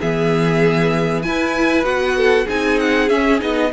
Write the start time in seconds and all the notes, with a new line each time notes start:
0.00 E3 B3 G#4 E5
1.22 E4 B4 G#5
1.83 B3 F#4 F#5
2.17 A4
2.45 C4 D#4 G#4 G#5
2.80 F#5
3.09 C#4 E5
3.40 B3 D#4 D#5